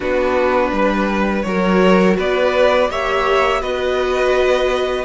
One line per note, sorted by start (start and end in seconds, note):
0.00 0.72 B3
0.00 1.42 D4
0.00 0.70 F#4
0.00 1.42 B4
0.72 1.44 G3
0.72 1.45 B4
1.42 2.17 F#3
1.42 2.90 F#4
1.42 2.16 A#4
1.42 2.14 C#5
2.16 2.90 B3
2.16 2.89 B4
2.16 2.90 D5
2.90 3.62 A#3
2.90 3.61 G4
2.90 3.61 C#5
2.90 3.62 E5
3.61 5.05 B3
3.61 5.05 F#4
3.61 5.05 B4
3.61 5.05 D#5